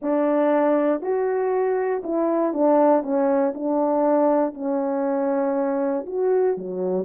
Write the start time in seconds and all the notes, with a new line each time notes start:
0.02 D4
1.01 F#4
2.03 E4
2.53 D4
3.03 C#4
3.54 D4
4.54 C#4
6.06 F#4
6.57 F#3